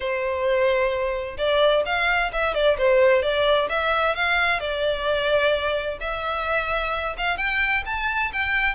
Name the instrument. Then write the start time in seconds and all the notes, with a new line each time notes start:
violin
0.00 C5
1.37 D5
1.85 F5
2.32 E5
2.54 D5
2.78 C5
3.22 D5
3.69 E5
4.15 F5
4.60 D5
6.00 E5
7.17 F5
7.37 G5
7.85 A5
8.32 G5